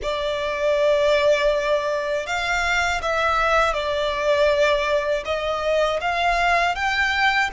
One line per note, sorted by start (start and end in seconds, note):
0.02 2.26 D5
2.26 3.01 F5
3.01 3.73 E5
3.73 5.23 D5
5.25 6.00 D#5
6.00 6.75 F5
6.75 7.50 G5